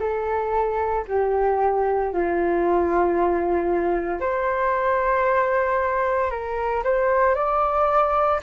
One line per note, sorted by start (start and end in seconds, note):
0.00 1.05 A4
1.08 2.13 G4
2.13 4.21 F4
4.21 6.31 C5
6.31 6.84 A#4
6.84 7.35 C5
7.35 8.41 D5